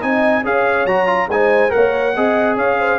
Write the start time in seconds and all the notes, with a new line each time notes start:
0.00 C4 D#4 D#5 G#5
0.43 C#4 G#4 C#5 F5
0.85 F#3 F#4 A#5
1.06 F4
1.28 G#3 D#4 C5 G#5
1.69 A#3 A#4 C#5 F#5
2.15 C4 G#4 D#5
2.56 C#4 C#5 F5
2.78 C5